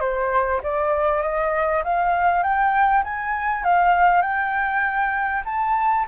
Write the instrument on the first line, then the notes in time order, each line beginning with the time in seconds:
flute
0.00 C5
0.63 D5
1.22 D#5
1.83 F5
2.43 G5
3.04 G#5
3.63 F5
4.22 G5
5.45 A5